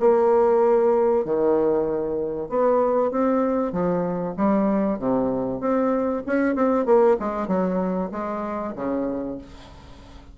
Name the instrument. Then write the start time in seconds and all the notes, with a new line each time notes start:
bassoon
0.00 A#3
1.25 D#3
2.49 B3
3.11 C4
3.72 F3
4.37 G3
4.99 C3
5.61 C4
6.26 C#4
6.55 C4
6.86 A#3
7.20 G#3
7.48 F#3
8.12 G#3
8.76 C#3